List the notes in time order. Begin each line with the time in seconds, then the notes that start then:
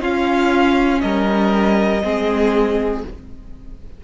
0.00 C#4 F4 F5
1.00 G3 A#4 D#5
2.02 G#3 C4 G#4